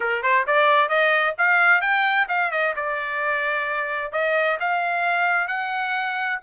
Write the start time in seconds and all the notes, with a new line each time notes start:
0.00 A#4
0.22 C5
0.46 D5
0.88 D#5
1.37 F5
1.81 G5
2.28 F5
2.51 D#5
2.76 D5
4.12 D#5
4.60 F5
5.47 F#5